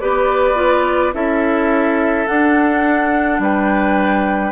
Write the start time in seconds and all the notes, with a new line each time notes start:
0.00 B3 G4 B4 D5
0.56 F4
1.14 C#4 E4 A4 E5
2.27 D4 F#5
3.39 G3 B4 G5